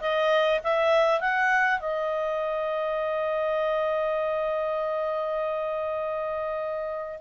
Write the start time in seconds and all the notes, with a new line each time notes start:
0.00 D#5
0.63 E5
1.20 F#5
1.79 D#5